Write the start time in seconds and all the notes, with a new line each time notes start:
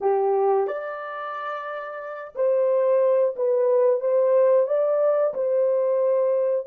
0.01 G4
0.67 D5
2.35 C5
3.35 B4
4.00 C5
4.67 D5
5.33 C5